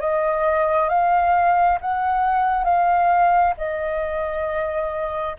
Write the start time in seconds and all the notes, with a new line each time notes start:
0.00 D#5
0.89 F5
1.81 F#5
2.64 F5
3.57 D#5